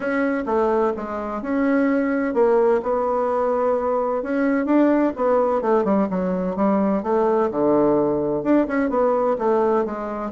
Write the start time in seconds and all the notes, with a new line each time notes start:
0.00 C#4
0.46 A3
0.96 G#3
1.42 C#4
2.34 A#3
2.83 B3
4.23 C#4
4.65 D4
5.15 B3
5.61 A3
5.84 G3
6.10 F#3
6.56 G3
7.02 A3
7.50 D3
8.43 D4
8.67 C#4
8.89 B3
9.38 A3
9.85 G#3